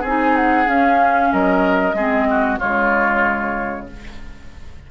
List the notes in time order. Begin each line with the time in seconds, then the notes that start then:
0.00 C4 G#4 G#5
0.06 D#4
0.36 F#5
0.65 C#4 F5
1.32 F#3 A#4 D#5
1.93 G#3 C4 G#4
2.30 F#4
2.58 C#3 G#3 F4 C#5